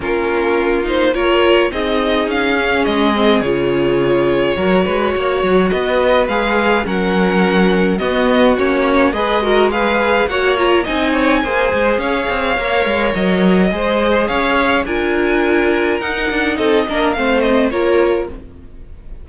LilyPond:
<<
  \new Staff \with { instrumentName = "violin" } { \time 4/4 \tempo 4 = 105 ais'4. c''8 cis''4 dis''4 | f''4 dis''4 cis''2~ | cis''2 dis''4 f''4 | fis''2 dis''4 cis''4 |
dis''4 f''4 fis''8 ais''8 gis''4~ | gis''4 f''2 dis''4~ | dis''4 f''4 gis''2 | fis''4 dis''4 f''8 dis''8 cis''4 | }
  \new Staff \with { instrumentName = "violin" } { \time 4/4 f'2 ais'4 gis'4~ | gis'1 | ais'8 b'8 cis''4 b'2 | ais'2 fis'2 |
b'8 ais'8 b'4 cis''4 dis''8 cis''8 | c''4 cis''2. | c''4 cis''4 ais'2~ | ais'4 a'8 ais'8 c''4 ais'4 | }
  \new Staff \with { instrumentName = "viola" } { \time 4/4 cis'4. dis'8 f'4 dis'4~ | dis'8 cis'4 c'8 f'2 | fis'2. gis'4 | cis'2 b4 cis'4 |
gis'8 fis'8 gis'4 fis'8 f'8 dis'4 | gis'2 ais'2 | gis'2 f'2 | dis'4. d'8 c'4 f'4 | }
  \new Staff \with { instrumentName = "cello" } { \time 4/4 ais2. c'4 | cis'4 gis4 cis2 | fis8 gis8 ais8 fis8 b4 gis4 | fis2 b4 ais4 |
gis2 ais4 c'4 | ais8 gis8 cis'8 c'8 ais8 gis8 fis4 | gis4 cis'4 d'2 | dis'8 d'8 c'8 ais8 a4 ais4 | }
>>